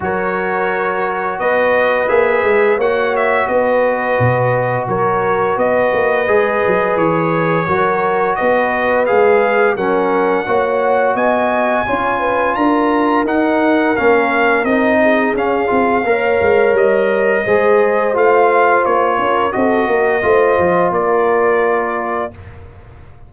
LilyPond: <<
  \new Staff \with { instrumentName = "trumpet" } { \time 4/4 \tempo 4 = 86 cis''2 dis''4 e''4 | fis''8 e''8 dis''2 cis''4 | dis''2 cis''2 | dis''4 f''4 fis''2 |
gis''2 ais''4 fis''4 | f''4 dis''4 f''2 | dis''2 f''4 cis''4 | dis''2 d''2 | }
  \new Staff \with { instrumentName = "horn" } { \time 4/4 ais'2 b'2 | cis''4 b'2 ais'4 | b'2. ais'4 | b'2 ais'4 cis''4 |
dis''4 cis''8 b'8 ais'2~ | ais'4. gis'4. cis''4~ | cis''4 c''2~ c''8 ais'8 | a'8 ais'8 c''4 ais'2 | }
  \new Staff \with { instrumentName = "trombone" } { \time 4/4 fis'2. gis'4 | fis'1~ | fis'4 gis'2 fis'4~ | fis'4 gis'4 cis'4 fis'4~ |
fis'4 f'2 dis'4 | cis'4 dis'4 cis'8 f'8 ais'4~ | ais'4 gis'4 f'2 | fis'4 f'2. | }
  \new Staff \with { instrumentName = "tuba" } { \time 4/4 fis2 b4 ais8 gis8 | ais4 b4 b,4 fis4 | b8 ais8 gis8 fis8 e4 fis4 | b4 gis4 fis4 ais4 |
b4 cis'4 d'4 dis'4 | ais4 c'4 cis'8 c'8 ais8 gis8 | g4 gis4 a4 ais8 cis'8 | c'8 ais8 a8 f8 ais2 | }
>>